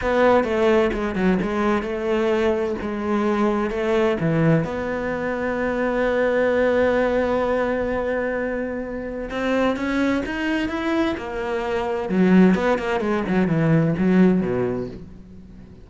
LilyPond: \new Staff \with { instrumentName = "cello" } { \time 4/4 \tempo 4 = 129 b4 a4 gis8 fis8 gis4 | a2 gis2 | a4 e4 b2~ | b1~ |
b1 | c'4 cis'4 dis'4 e'4 | ais2 fis4 b8 ais8 | gis8 fis8 e4 fis4 b,4 | }